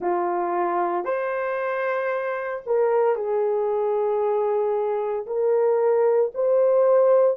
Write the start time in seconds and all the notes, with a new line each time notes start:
0.00 F4
1.04 C5
2.66 A#4
3.15 G#4
5.26 A#4
6.34 C5